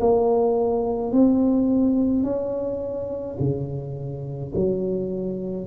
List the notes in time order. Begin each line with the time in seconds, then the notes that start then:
0.00 A#3
1.12 C4
2.23 C#4
3.39 C#3
4.55 F#3